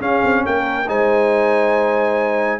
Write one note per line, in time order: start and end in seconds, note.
0.00 0.86 C#4
0.00 0.22 C#4
0.00 0.43 G#4
0.00 0.45 F5
0.24 0.46 C4
0.46 0.88 A#3
0.46 0.89 A#4
0.46 0.89 G5
0.88 2.60 G#3
0.88 2.60 D#4
0.88 2.60 C5
0.88 2.60 G#5